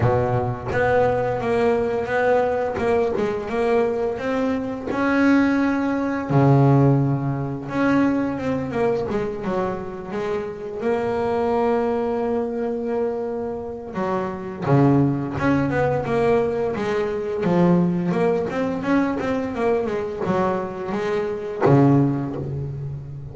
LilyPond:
\new Staff \with { instrumentName = "double bass" } { \time 4/4 \tempo 4 = 86 b,4 b4 ais4 b4 | ais8 gis8 ais4 c'4 cis'4~ | cis'4 cis2 cis'4 | c'8 ais8 gis8 fis4 gis4 ais8~ |
ais1 | fis4 cis4 cis'8 b8 ais4 | gis4 f4 ais8 c'8 cis'8 c'8 | ais8 gis8 fis4 gis4 cis4 | }